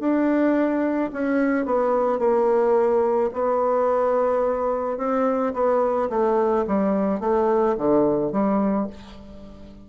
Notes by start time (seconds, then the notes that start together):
0.00 D4
1.13 C#4
1.66 B3
2.19 A#3
3.34 B3
4.98 C4
5.54 B3
6.10 A3
6.68 G3
7.20 A3
7.78 D3
8.32 G3